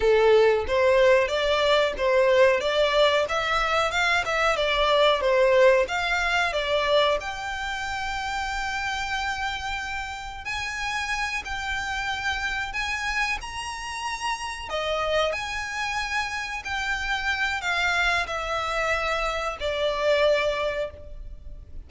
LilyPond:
\new Staff \with { instrumentName = "violin" } { \time 4/4 \tempo 4 = 92 a'4 c''4 d''4 c''4 | d''4 e''4 f''8 e''8 d''4 | c''4 f''4 d''4 g''4~ | g''1 |
gis''4. g''2 gis''8~ | gis''8 ais''2 dis''4 gis''8~ | gis''4. g''4. f''4 | e''2 d''2 | }